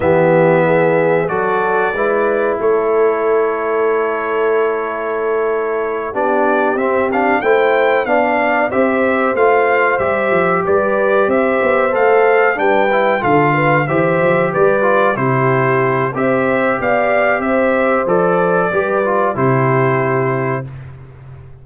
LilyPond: <<
  \new Staff \with { instrumentName = "trumpet" } { \time 4/4 \tempo 4 = 93 e''2 d''2 | cis''1~ | cis''4. d''4 e''8 f''8 g''8~ | g''8 f''4 e''4 f''4 e''8~ |
e''8 d''4 e''4 f''4 g''8~ | g''8 f''4 e''4 d''4 c''8~ | c''4 e''4 f''4 e''4 | d''2 c''2 | }
  \new Staff \with { instrumentName = "horn" } { \time 4/4 g'4 gis'4 a'4 b'4 | a'1~ | a'4. g'2 c''8~ | c''8 d''4 c''2~ c''8~ |
c''8 b'4 c''2 b'8~ | b'8 a'8 b'8 c''4 b'4 g'8~ | g'4 c''4 d''4 c''4~ | c''4 b'4 g'2 | }
  \new Staff \with { instrumentName = "trombone" } { \time 4/4 b2 fis'4 e'4~ | e'1~ | e'4. d'4 c'8 d'8 e'8~ | e'8 d'4 g'4 f'4 g'8~ |
g'2~ g'8 a'4 d'8 | e'8 f'4 g'4. f'8 e'8~ | e'4 g'2. | a'4 g'8 f'8 e'2 | }
  \new Staff \with { instrumentName = "tuba" } { \time 4/4 e2 fis4 gis4 | a1~ | a4. b4 c'4 a8~ | a8 b4 c'4 a4 g8 |
f8 g4 c'8 b8 a4 g8~ | g8 d4 e8 f8 g4 c8~ | c4 c'4 b4 c'4 | f4 g4 c2 | }
>>